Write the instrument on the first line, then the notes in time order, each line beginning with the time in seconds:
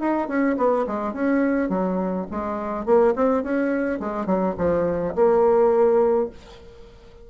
bassoon
0.00 D#4
0.28 C#4
0.57 B3
0.87 G#3
1.14 C#4
1.70 F#3
2.31 G#3
2.86 A#3
3.16 C4
3.44 C#4
4.00 G#3
4.26 F#3
4.58 F3
5.16 A#3